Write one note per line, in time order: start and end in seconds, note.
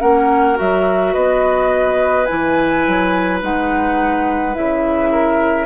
0.00 0.59 A#3
0.00 0.55 C#4
0.00 1.13 A#4
0.00 0.57 F#5
0.55 1.15 F#3
0.55 2.25 F#4
0.55 1.14 E5
1.13 2.28 B3
1.13 5.09 B4
1.13 2.25 D#5
2.25 2.87 E3
2.25 3.41 E4
2.25 3.39 G#5
2.87 3.42 F#3
3.41 4.55 G#3
3.41 4.54 D#4
3.41 4.55 F#5
4.54 5.66 C#3
4.54 5.66 E4
4.54 5.66 E5
5.11 5.66 A#4